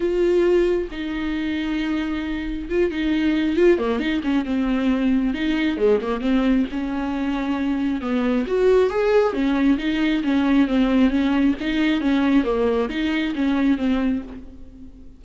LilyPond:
\new Staff \with { instrumentName = "viola" } { \time 4/4 \tempo 4 = 135 f'2 dis'2~ | dis'2 f'8 dis'4. | f'8 ais8 dis'8 cis'8 c'2 | dis'4 gis8 ais8 c'4 cis'4~ |
cis'2 b4 fis'4 | gis'4 cis'4 dis'4 cis'4 | c'4 cis'4 dis'4 cis'4 | ais4 dis'4 cis'4 c'4 | }